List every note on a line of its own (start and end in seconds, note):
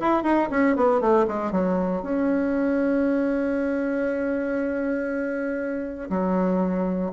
0.00 0.23 E4
0.23 0.49 D#4
0.51 0.76 C#4
0.76 1.01 B3
1.01 1.26 A3
1.28 1.51 G#3
1.51 2.02 F#3
2.02 6.09 C#4
6.10 7.11 F#3